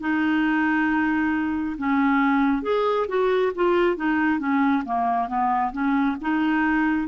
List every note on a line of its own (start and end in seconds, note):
0.00 1.76 D#4
1.78 2.63 C#4
2.63 3.07 G#4
3.08 3.53 F#4
3.55 3.97 F4
3.97 4.39 D#4
4.39 4.83 C#4
4.85 5.28 A#3
5.28 5.72 B3
5.73 6.17 C#4
6.21 7.08 D#4